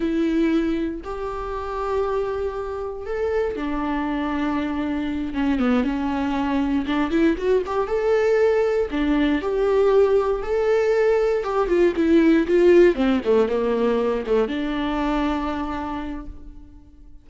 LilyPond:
\new Staff \with { instrumentName = "viola" } { \time 4/4 \tempo 4 = 118 e'2 g'2~ | g'2 a'4 d'4~ | d'2~ d'8 cis'8 b8 cis'8~ | cis'4. d'8 e'8 fis'8 g'8 a'8~ |
a'4. d'4 g'4.~ | g'8 a'2 g'8 f'8 e'8~ | e'8 f'4 c'8 a8 ais4. | a8 d'2.~ d'8 | }